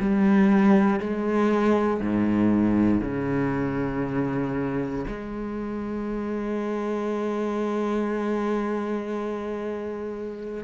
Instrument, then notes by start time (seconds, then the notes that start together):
cello
0.00 G3
1.00 G#3
2.01 G#2
3.01 C#3
5.08 G#3